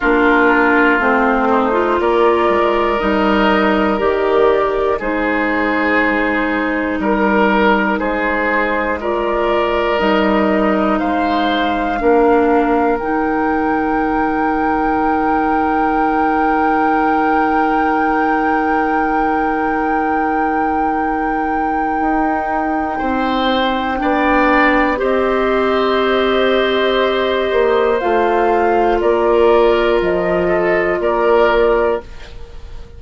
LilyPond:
<<
  \new Staff \with { instrumentName = "flute" } { \time 4/4 \tempo 4 = 60 ais'4 c''4 d''4 dis''4 | d''4 c''2 ais'4 | c''4 d''4 dis''4 f''4~ | f''4 g''2.~ |
g''1~ | g''1~ | g''4 dis''2. | f''4 d''4 dis''4 d''4 | }
  \new Staff \with { instrumentName = "oboe" } { \time 4/4 f'4. dis'8 ais'2~ | ais'4 gis'2 ais'4 | gis'4 ais'2 c''4 | ais'1~ |
ais'1~ | ais'2. c''4 | d''4 c''2.~ | c''4 ais'4. a'8 ais'4 | }
  \new Staff \with { instrumentName = "clarinet" } { \time 4/4 d'4 c'8. f'4~ f'16 dis'4 | g'4 dis'2.~ | dis'4 f'4 dis'2 | d'4 dis'2.~ |
dis'1~ | dis'1 | d'4 g'2. | f'1 | }
  \new Staff \with { instrumentName = "bassoon" } { \time 4/4 ais4 a4 ais8 gis8 g4 | dis4 gis2 g4 | gis2 g4 gis4 | ais4 dis2.~ |
dis1~ | dis2 dis'4 c'4 | b4 c'2~ c'8 ais8 | a4 ais4 f4 ais4 | }
>>